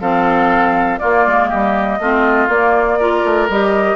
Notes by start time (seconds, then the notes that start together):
0.00 F3 C4 A4 F5
0.98 A#3 F4 D5
1.26 G#3
1.48 G3 G4 D#5
1.99 A3 C4 F4
2.48 A#3 D5
2.99 F4 A#4
3.24 A3
3.49 G3 G4 D#5